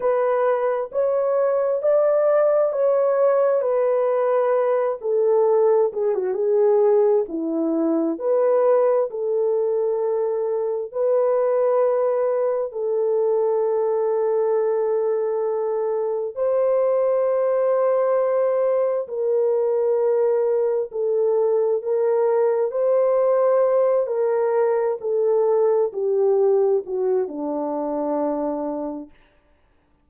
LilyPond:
\new Staff \with { instrumentName = "horn" } { \time 4/4 \tempo 4 = 66 b'4 cis''4 d''4 cis''4 | b'4. a'4 gis'16 fis'16 gis'4 | e'4 b'4 a'2 | b'2 a'2~ |
a'2 c''2~ | c''4 ais'2 a'4 | ais'4 c''4. ais'4 a'8~ | a'8 g'4 fis'8 d'2 | }